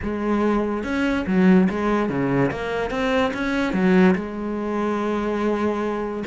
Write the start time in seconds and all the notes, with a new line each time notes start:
0.02 G#3
0.83 C#4
1.26 F#3
1.69 G#3
2.09 C#3
2.51 A#3
2.90 C4
3.33 C#4
3.73 F#3
4.15 G#3